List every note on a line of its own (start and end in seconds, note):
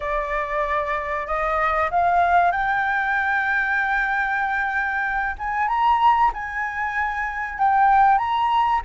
0.00 1.26 D5
1.26 1.89 D#5
1.90 2.51 F5
2.51 5.35 G5
5.38 5.68 G#5
5.68 6.31 A#5
6.33 7.58 G#5
7.58 8.18 G5
8.18 8.81 A#5